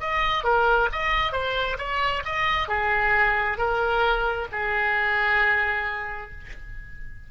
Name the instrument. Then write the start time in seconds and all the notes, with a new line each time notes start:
oboe
0.00 D#5
0.44 A#4
0.92 D#5
1.32 C5
1.78 C#5
2.25 D#5
2.68 G#4
3.57 A#4
4.52 G#4